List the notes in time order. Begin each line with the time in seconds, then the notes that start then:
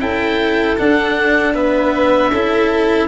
0.00 C#4 E4 A4 G5
0.78 D4 F#5
1.54 B3 B4 E5
2.32 C#4 E4 A4